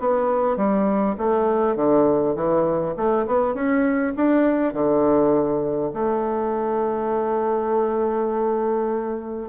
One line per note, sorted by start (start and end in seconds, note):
0.00 0.56 B3
0.56 1.16 G3
1.18 1.76 A3
1.76 2.35 D3
2.35 2.95 E3
2.96 3.26 A3
3.27 3.54 B3
3.54 4.13 C#4
4.16 4.73 D4
4.73 5.92 D3
5.93 9.49 A3